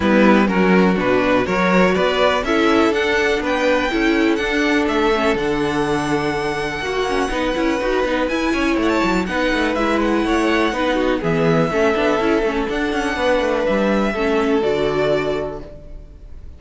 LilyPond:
<<
  \new Staff \with { instrumentName = "violin" } { \time 4/4 \tempo 4 = 123 b'4 ais'4 b'4 cis''4 | d''4 e''4 fis''4 g''4~ | g''4 fis''4 e''4 fis''4~ | fis''1~ |
fis''4 gis''4 fis''16 a''8. fis''4 | e''8 fis''2~ fis''8 e''4~ | e''2 fis''2 | e''2 d''2 | }
  \new Staff \with { instrumentName = "violin" } { \time 4/4 e'4 fis'2 ais'4 | b'4 a'2 b'4 | a'1~ | a'2 fis'4 b'4~ |
b'4. cis''4. b'4~ | b'4 cis''4 b'8 fis'8 gis'4 | a'2. b'4~ | b'4 a'2. | }
  \new Staff \with { instrumentName = "viola" } { \time 4/4 b4 cis'4 d'4 fis'4~ | fis'4 e'4 d'2 | e'4 d'4. cis'8 d'4~ | d'2 fis'8 cis'8 dis'8 e'8 |
fis'8 dis'8 e'2 dis'4 | e'2 dis'4 b4 | cis'8 d'8 e'8 cis'8 d'2~ | d'4 cis'4 fis'2 | }
  \new Staff \with { instrumentName = "cello" } { \time 4/4 g4 fis4 b,4 fis4 | b4 cis'4 d'4 b4 | cis'4 d'4 a4 d4~ | d2 ais4 b8 cis'8 |
dis'8 b8 e'8 cis'8 a8 fis8 b8 a8 | gis4 a4 b4 e4 | a8 b8 cis'8 a8 d'8 cis'8 b8 a8 | g4 a4 d2 | }
>>